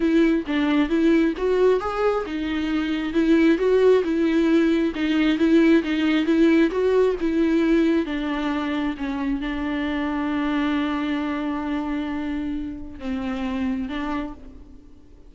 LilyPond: \new Staff \with { instrumentName = "viola" } { \time 4/4 \tempo 4 = 134 e'4 d'4 e'4 fis'4 | gis'4 dis'2 e'4 | fis'4 e'2 dis'4 | e'4 dis'4 e'4 fis'4 |
e'2 d'2 | cis'4 d'2.~ | d'1~ | d'4 c'2 d'4 | }